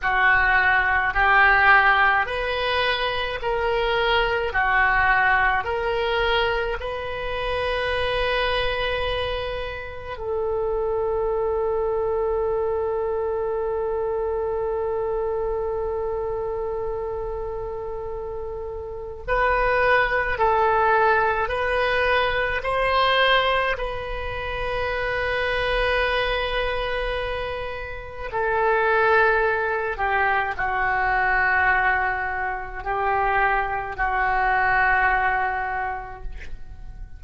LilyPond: \new Staff \with { instrumentName = "oboe" } { \time 4/4 \tempo 4 = 53 fis'4 g'4 b'4 ais'4 | fis'4 ais'4 b'2~ | b'4 a'2.~ | a'1~ |
a'4 b'4 a'4 b'4 | c''4 b'2.~ | b'4 a'4. g'8 fis'4~ | fis'4 g'4 fis'2 | }